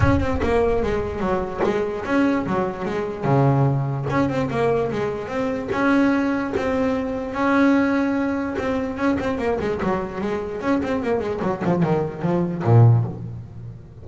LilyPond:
\new Staff \with { instrumentName = "double bass" } { \time 4/4 \tempo 4 = 147 cis'8 c'8 ais4 gis4 fis4 | gis4 cis'4 fis4 gis4 | cis2 cis'8 c'8 ais4 | gis4 c'4 cis'2 |
c'2 cis'2~ | cis'4 c'4 cis'8 c'8 ais8 gis8 | fis4 gis4 cis'8 c'8 ais8 gis8 | fis8 f8 dis4 f4 ais,4 | }